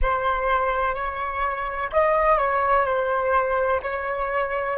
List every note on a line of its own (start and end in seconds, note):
0.02 0.94 C5
0.94 1.90 C#5
1.92 2.38 D#5
2.38 2.85 C#5
2.85 3.81 C5
3.82 4.77 C#5